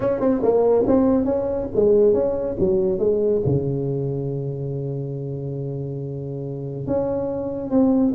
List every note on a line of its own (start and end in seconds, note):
0.00 0.20 C#4
0.20 0.41 C4
0.42 0.85 A#3
0.87 1.24 C4
1.24 1.67 C#4
1.75 2.13 G#3
2.13 2.56 C#4
2.59 2.98 F#3
2.98 3.41 G#3
3.45 6.86 C#3
6.86 7.70 C#4
7.70 8.13 C4